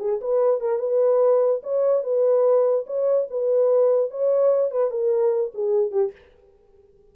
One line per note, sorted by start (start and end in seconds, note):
0.00 0.21 G#4
0.21 0.61 B4
0.61 0.80 A#4
0.80 1.62 B4
1.63 2.04 C#5
2.04 2.86 B4
2.87 3.28 C#5
3.30 4.11 B4
4.11 4.71 C#5
4.71 4.91 B4
4.91 5.53 A#4
5.55 5.92 G#4
5.92 6.12 G4